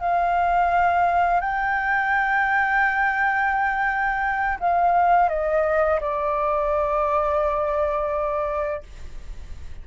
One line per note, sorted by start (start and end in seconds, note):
0.00 1.41 F5
1.41 4.58 G5
4.60 5.29 F5
5.29 6.00 D#5
6.01 8.83 D5